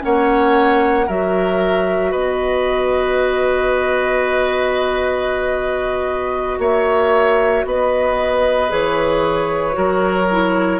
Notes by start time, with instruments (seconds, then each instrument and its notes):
0.00 bassoon A#3, clarinet C#4, oboe C#5, flute F#5
1.07 bassoon F#3, clarinet F#4, oboe A#4, flute E5
2.11 bassoon B3, oboe B4, flute D#5
6.59 bassoon A#3, oboe C#5, flute E5
7.65 bassoon B3, oboe B4, flute D#5
8.70 bassoon E3, clarinet G#4, flute C#5
9.73 bassoon F#3, clarinet F#4, oboe A#4
10.31 clarinet E4